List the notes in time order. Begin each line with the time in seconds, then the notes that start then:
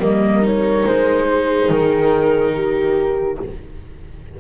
0.00 G3 A#3 A#4 D#5
0.43 D#4 C#5
0.86 G#3 C5
1.32 G#4
1.70 D#3 A#4
2.55 G4